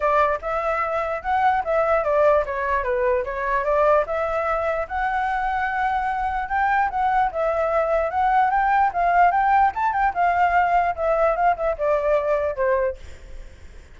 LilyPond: \new Staff \with { instrumentName = "flute" } { \time 4/4 \tempo 4 = 148 d''4 e''2 fis''4 | e''4 d''4 cis''4 b'4 | cis''4 d''4 e''2 | fis''1 |
g''4 fis''4 e''2 | fis''4 g''4 f''4 g''4 | a''8 g''8 f''2 e''4 | f''8 e''8 d''2 c''4 | }